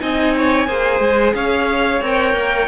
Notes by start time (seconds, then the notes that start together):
0.00 C4 D#4 D#5 G#5
0.37 C#5
0.67 A#3 G#4 C5
1.00 G#3
1.35 C#4 C#5 F5
2.02 C4 A#4 G5
2.34 A#3